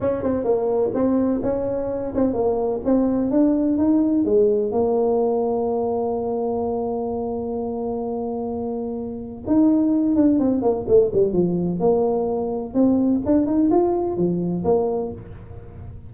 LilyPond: \new Staff \with { instrumentName = "tuba" } { \time 4/4 \tempo 4 = 127 cis'8 c'8 ais4 c'4 cis'4~ | cis'8 c'8 ais4 c'4 d'4 | dis'4 gis4 ais2~ | ais1~ |
ais1 | dis'4. d'8 c'8 ais8 a8 g8 | f4 ais2 c'4 | d'8 dis'8 f'4 f4 ais4 | }